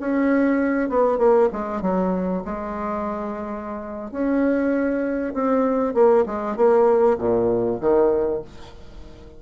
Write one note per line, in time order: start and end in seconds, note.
0.00 0.89 C#4
0.89 1.18 B3
1.18 1.49 A#3
1.53 1.82 G#3
1.82 2.43 F#3
2.45 4.11 G#3
4.11 5.33 C#4
5.33 5.94 C4
5.94 6.25 A#3
6.26 6.56 G#3
6.56 7.18 A#3
7.18 7.79 A#2
7.80 8.42 D#3